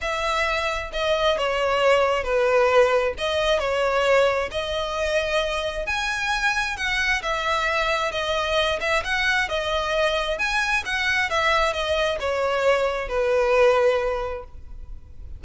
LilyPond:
\new Staff \with { instrumentName = "violin" } { \time 4/4 \tempo 4 = 133 e''2 dis''4 cis''4~ | cis''4 b'2 dis''4 | cis''2 dis''2~ | dis''4 gis''2 fis''4 |
e''2 dis''4. e''8 | fis''4 dis''2 gis''4 | fis''4 e''4 dis''4 cis''4~ | cis''4 b'2. | }